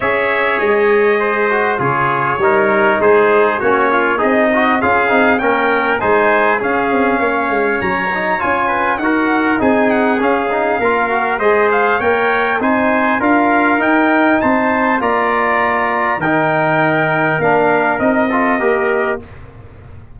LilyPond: <<
  \new Staff \with { instrumentName = "trumpet" } { \time 4/4 \tempo 4 = 100 e''4 dis''2 cis''4~ | cis''4 c''4 cis''4 dis''4 | f''4 g''4 gis''4 f''4~ | f''4 ais''4 gis''4 fis''4 |
gis''8 fis''8 f''2 dis''8 f''8 | g''4 gis''4 f''4 g''4 | a''4 ais''2 g''4~ | g''4 f''4 dis''2 | }
  \new Staff \with { instrumentName = "trumpet" } { \time 4/4 cis''2 c''4 gis'4 | ais'4 gis'4 fis'8 f'8 dis'4 | gis'4 ais'4 c''4 gis'4 | cis''2~ cis''8 b'8 ais'4 |
gis'2 ais'4 c''4 | cis''4 c''4 ais'2 | c''4 d''2 ais'4~ | ais'2~ ais'8 a'8 ais'4 | }
  \new Staff \with { instrumentName = "trombone" } { \time 4/4 gis'2~ gis'8 fis'8 f'4 | dis'2 cis'4 gis'8 fis'8 | f'8 dis'8 cis'4 dis'4 cis'4~ | cis'4. dis'8 f'4 fis'4 |
dis'4 cis'8 dis'8 f'8 fis'8 gis'4 | ais'4 dis'4 f'4 dis'4~ | dis'4 f'2 dis'4~ | dis'4 d'4 dis'8 f'8 g'4 | }
  \new Staff \with { instrumentName = "tuba" } { \time 4/4 cis'4 gis2 cis4 | g4 gis4 ais4 c'4 | cis'8 c'8 ais4 gis4 cis'8 c'8 | ais8 gis8 fis4 cis'4 dis'4 |
c'4 cis'4 ais4 gis4 | ais4 c'4 d'4 dis'4 | c'4 ais2 dis4~ | dis4 ais4 c'4 ais4 | }
>>